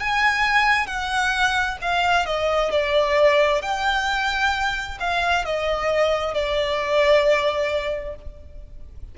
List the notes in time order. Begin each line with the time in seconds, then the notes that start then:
0.00 G#5
0.87 F#5
1.82 F5
2.26 D#5
2.71 D5
3.62 G5
5.00 F5
5.45 D#5
6.34 D5